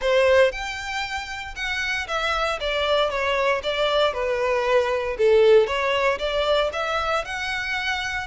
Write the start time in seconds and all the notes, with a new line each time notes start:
0.01 C5
0.51 G5
1.55 F#5
2.07 E5
2.60 D5
3.09 C#5
3.63 D5
4.13 B4
5.18 A4
5.66 C#5
6.18 D5
6.72 E5
7.25 F#5